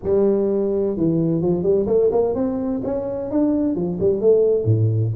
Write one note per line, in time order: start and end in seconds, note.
0.03 0.96 G3
0.97 1.41 E3
1.41 1.62 F3
1.62 1.86 G3
1.86 2.10 A3
2.11 2.34 A#3
2.34 2.81 C4
2.84 3.30 C#4
3.30 3.75 D4
3.75 3.98 F3
4.00 4.20 G3
4.20 4.64 A3
4.64 5.11 A2